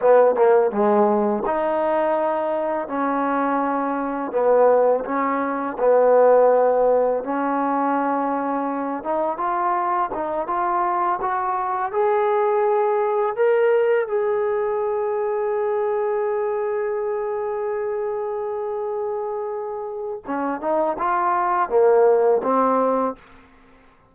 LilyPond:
\new Staff \with { instrumentName = "trombone" } { \time 4/4 \tempo 4 = 83 b8 ais8 gis4 dis'2 | cis'2 b4 cis'4 | b2 cis'2~ | cis'8 dis'8 f'4 dis'8 f'4 fis'8~ |
fis'8 gis'2 ais'4 gis'8~ | gis'1~ | gis'1 | cis'8 dis'8 f'4 ais4 c'4 | }